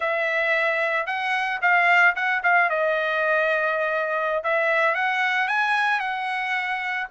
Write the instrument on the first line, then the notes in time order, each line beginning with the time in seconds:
trumpet
0.00 E5
1.06 F#5
1.61 F5
2.15 F#5
2.43 F5
2.69 D#5
4.43 E5
4.95 F#5
5.48 G#5
6.00 F#5